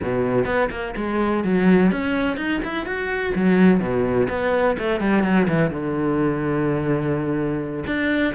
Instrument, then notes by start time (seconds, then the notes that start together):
cello
0.02 B2
0.45 B3
0.70 A#3
0.96 G#3
1.44 F#3
1.91 C#4
2.36 D#4
2.64 E4
2.86 F#4
3.35 F#3
3.80 B2
4.29 B3
4.78 A3
5.00 G3
5.23 F#3
5.48 E3
5.70 D3
7.86 D4